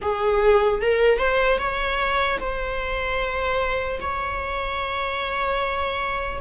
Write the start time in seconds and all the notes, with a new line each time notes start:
0.01 G#4
0.81 A#4
1.18 C5
1.58 C#5
2.40 C5
4.00 C#5